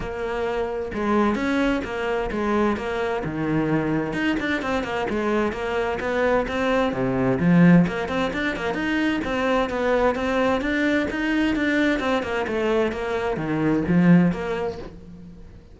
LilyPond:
\new Staff \with { instrumentName = "cello" } { \time 4/4 \tempo 4 = 130 ais2 gis4 cis'4 | ais4 gis4 ais4 dis4~ | dis4 dis'8 d'8 c'8 ais8 gis4 | ais4 b4 c'4 c4 |
f4 ais8 c'8 d'8 ais8 dis'4 | c'4 b4 c'4 d'4 | dis'4 d'4 c'8 ais8 a4 | ais4 dis4 f4 ais4 | }